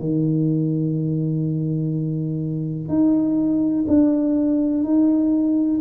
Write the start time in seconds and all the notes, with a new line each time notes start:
0.00 D#3
2.89 D#4
3.88 D4
4.84 D#4